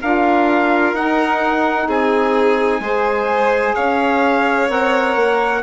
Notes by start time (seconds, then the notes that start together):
0.00 D4 F4 A#4 F5
0.93 D#4 F#5
1.87 C4 G#4 G#5
2.79 G#3 G#4 C5
3.75 C#4 C#5 F5
4.68 C4 A#4 F#5
5.15 A#3